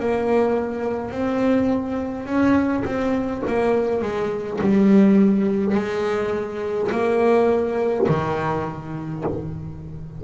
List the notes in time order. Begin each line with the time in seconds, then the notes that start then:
0.00 A#3
1.11 C4
2.26 C#4
2.85 C4
3.47 A#3
4.02 G#3
4.61 G3
5.75 G#3
6.92 A#3
8.09 D#3